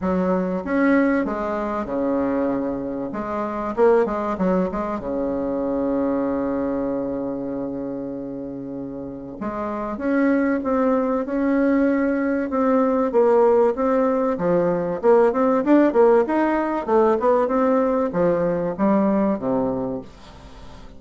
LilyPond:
\new Staff \with { instrumentName = "bassoon" } { \time 4/4 \tempo 4 = 96 fis4 cis'4 gis4 cis4~ | cis4 gis4 ais8 gis8 fis8 gis8 | cis1~ | cis2. gis4 |
cis'4 c'4 cis'2 | c'4 ais4 c'4 f4 | ais8 c'8 d'8 ais8 dis'4 a8 b8 | c'4 f4 g4 c4 | }